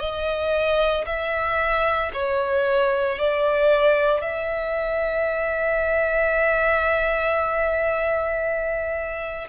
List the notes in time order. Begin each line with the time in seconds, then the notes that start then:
0.00 D#5
1.06 E5
2.13 C#5
3.19 D5
4.22 E5